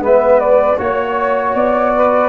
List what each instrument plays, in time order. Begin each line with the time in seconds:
0.00 tuba G#3, trombone B3, saxophone B4, flute E5
0.40 flute D5
0.78 tuba A#3, trombone F#4, saxophone C#5, flute C#5
1.55 tuba B3, flute D5
1.96 saxophone B4